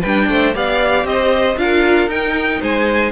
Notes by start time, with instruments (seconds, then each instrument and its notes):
0.00 cello G3, viola D4, violin B4 G5
0.28 cello A3, violin C5
0.53 cello B3, viola G4, violin D5 F5
1.03 cello C4, violin C5 D#5
1.56 cello D4, viola F4, violin A#4 F5
2.07 cello D#4, viola D#4, violin G5
2.60 cello G#3, violin C5 G#5